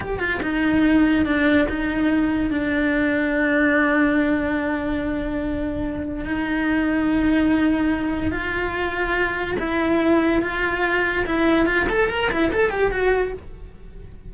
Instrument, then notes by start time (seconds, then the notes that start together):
cello
0.00 G4
0.19 F4
0.42 D#4
1.25 D4
1.69 D#4
2.50 D4
6.25 D#4
8.31 F4
9.59 E4
10.41 F4
11.26 E4
11.66 F4
11.89 A4
12.09 A#4
12.30 E4
12.52 A4
12.70 G4
12.91 F#4